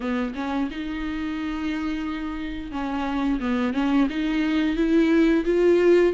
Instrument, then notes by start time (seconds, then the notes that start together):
viola
0.00 B3
0.34 C#4
0.70 D#4
2.71 C#4
3.40 B3
3.73 C#4
4.09 D#4
4.76 E4
5.45 F4